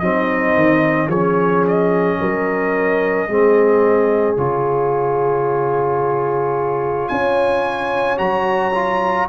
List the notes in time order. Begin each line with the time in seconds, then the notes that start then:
0.00 F#3 C4 D#4 D#5
0.56 D#3
1.08 F3 C#4 G#4 C#5
1.68 D#5
2.21 F#3 A#4
3.28 G#3 C4 G#4
4.37 C#3 F4 C#5
7.09 C#4 C#5 G#5
8.18 F#3 F#4 A#5
8.75 F4